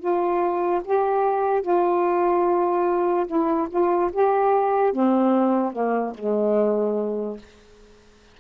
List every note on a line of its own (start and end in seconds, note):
0.00 0.82 F4
0.85 1.63 G4
1.63 3.27 F4
3.27 3.68 E4
3.70 4.11 F4
4.13 4.93 G4
4.93 5.73 C4
5.73 6.14 A#3
6.15 7.38 G#3